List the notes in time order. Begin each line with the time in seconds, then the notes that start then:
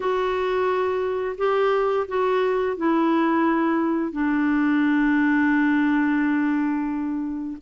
0.00 F#4
1.37 G4
2.08 F#4
2.76 E4
4.12 D4